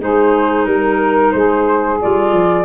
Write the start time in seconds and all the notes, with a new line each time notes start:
0.00 G#3 D#4 G#4 C5
0.66 G3 A#4
1.32 G#3 G#4 C5
2.02 G3 F4 D5
2.33 F3